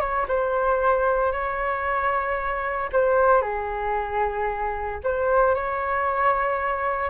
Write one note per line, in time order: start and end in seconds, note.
0.00 0.26 C#5
0.28 1.32 C5
1.32 2.90 C#5
2.92 3.42 C5
3.42 5.00 G#4
5.04 5.55 C5
5.55 7.10 C#5